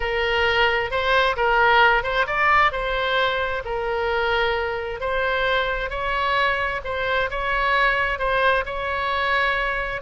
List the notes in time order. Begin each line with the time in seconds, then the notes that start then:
0.00 A#4
0.90 C5
1.36 A#4
2.03 C5
2.26 D5
2.71 C5
3.64 A#4
5.00 C5
5.90 C#5
6.84 C5
7.30 C#5
8.18 C5
8.65 C#5